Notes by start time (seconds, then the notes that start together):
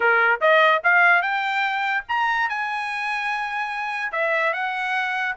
0.00 A#4
0.41 D#5
0.83 F5
1.21 G5
2.08 A#5
2.49 G#5
4.12 E5
4.53 F#5